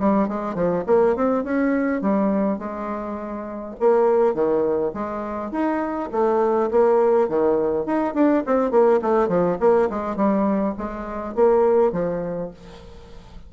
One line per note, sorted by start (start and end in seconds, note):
0.00 0.29 G3
0.29 0.55 G#3
0.55 0.84 F3
0.87 1.16 A#3
1.16 1.44 C4
1.44 2.02 C#4
2.02 2.59 G3
2.59 3.75 G#3
3.80 4.35 A#3
4.35 4.93 D#3
4.94 5.52 G#3
5.52 6.10 D#4
6.12 6.70 A3
6.71 7.29 A#3
7.29 7.86 D#3
7.86 8.14 D#4
8.14 8.44 D4
8.47 8.71 C4
8.71 9.01 A#3
9.02 9.29 A3
9.29 9.58 F3
9.61 9.90 A#3
9.90 10.17 G#3
10.17 10.75 G3
10.78 11.35 G#3
11.35 11.93 A#3
11.93 12.51 F3